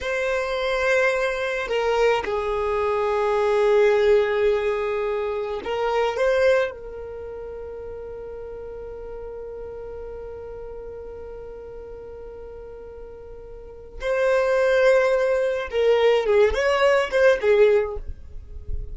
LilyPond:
\new Staff \with { instrumentName = "violin" } { \time 4/4 \tempo 4 = 107 c''2. ais'4 | gis'1~ | gis'2 ais'4 c''4 | ais'1~ |
ais'1~ | ais'1~ | ais'4 c''2. | ais'4 gis'8 cis''4 c''8 gis'4 | }